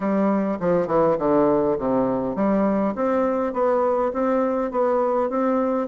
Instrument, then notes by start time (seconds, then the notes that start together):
bassoon
0.00 G3
0.60 F3
0.87 E3
1.18 D3
1.78 C3
2.35 G3
2.95 C4
3.53 B3
4.13 C4
4.71 B3
5.29 C4